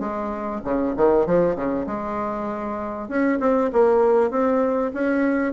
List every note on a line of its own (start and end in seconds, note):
0.00 0.61 G#3
0.64 0.95 C#3
0.97 1.26 D#3
1.26 1.56 F3
1.56 1.86 C#3
1.87 3.09 G#3
3.09 3.39 C#4
3.40 3.71 C4
3.73 4.31 A#3
4.31 4.92 C4
4.94 5.53 C#4